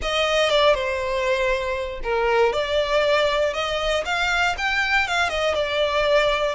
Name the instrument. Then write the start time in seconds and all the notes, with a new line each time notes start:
violin
0.02 D#5
0.49 D5
0.74 C5
2.03 A#4
2.52 D5
3.53 D#5
4.05 F5
4.57 G5
5.07 F5
5.29 D#5
5.54 D5